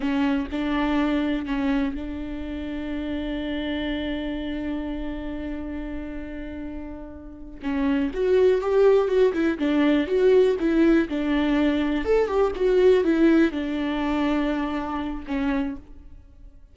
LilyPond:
\new Staff \with { instrumentName = "viola" } { \time 4/4 \tempo 4 = 122 cis'4 d'2 cis'4 | d'1~ | d'1~ | d'2.~ d'8 cis'8~ |
cis'8 fis'4 g'4 fis'8 e'8 d'8~ | d'8 fis'4 e'4 d'4.~ | d'8 a'8 g'8 fis'4 e'4 d'8~ | d'2. cis'4 | }